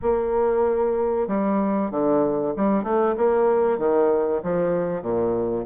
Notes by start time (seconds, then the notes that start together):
0.01 A#3
1.27 G3
1.91 D3
2.56 G3
2.83 A3
3.17 A#3
3.78 D#3
4.43 F3
5.02 A#2